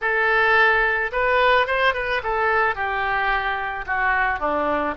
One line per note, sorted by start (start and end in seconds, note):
0.01 1.11 A4
1.12 1.66 B4
1.66 1.94 C5
1.94 2.21 B4
2.23 2.75 A4
2.75 3.85 G4
3.86 4.39 F#4
4.39 4.94 D4